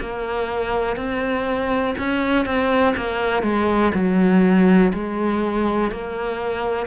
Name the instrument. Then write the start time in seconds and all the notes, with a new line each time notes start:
cello
0.00 A#3
0.97 C4
1.99 C#4
2.46 C4
2.97 A#3
3.43 G#3
3.94 F#3
4.94 G#3
5.92 A#3